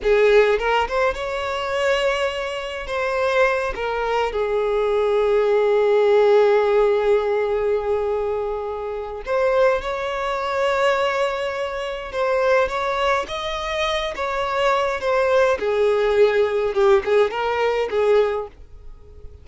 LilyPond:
\new Staff \with { instrumentName = "violin" } { \time 4/4 \tempo 4 = 104 gis'4 ais'8 c''8 cis''2~ | cis''4 c''4. ais'4 gis'8~ | gis'1~ | gis'1 |
c''4 cis''2.~ | cis''4 c''4 cis''4 dis''4~ | dis''8 cis''4. c''4 gis'4~ | gis'4 g'8 gis'8 ais'4 gis'4 | }